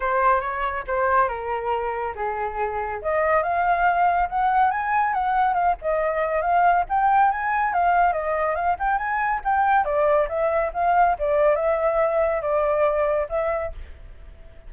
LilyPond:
\new Staff \with { instrumentName = "flute" } { \time 4/4 \tempo 4 = 140 c''4 cis''4 c''4 ais'4~ | ais'4 gis'2 dis''4 | f''2 fis''4 gis''4 | fis''4 f''8 dis''4. f''4 |
g''4 gis''4 f''4 dis''4 | f''8 g''8 gis''4 g''4 d''4 | e''4 f''4 d''4 e''4~ | e''4 d''2 e''4 | }